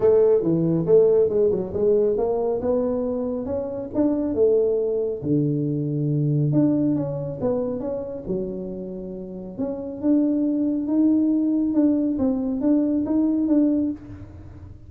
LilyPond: \new Staff \with { instrumentName = "tuba" } { \time 4/4 \tempo 4 = 138 a4 e4 a4 gis8 fis8 | gis4 ais4 b2 | cis'4 d'4 a2 | d2. d'4 |
cis'4 b4 cis'4 fis4~ | fis2 cis'4 d'4~ | d'4 dis'2 d'4 | c'4 d'4 dis'4 d'4 | }